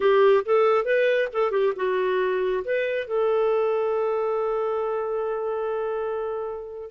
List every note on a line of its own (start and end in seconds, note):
0.00 0.43 G4
0.45 0.84 A4
0.84 1.28 B4
1.32 1.51 A4
1.51 1.73 G4
1.76 2.63 F#4
2.64 3.07 B4
3.07 6.90 A4